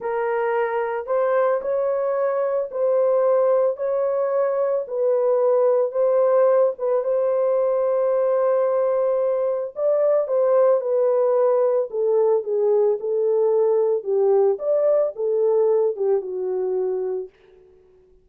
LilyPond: \new Staff \with { instrumentName = "horn" } { \time 4/4 \tempo 4 = 111 ais'2 c''4 cis''4~ | cis''4 c''2 cis''4~ | cis''4 b'2 c''4~ | c''8 b'8 c''2.~ |
c''2 d''4 c''4 | b'2 a'4 gis'4 | a'2 g'4 d''4 | a'4. g'8 fis'2 | }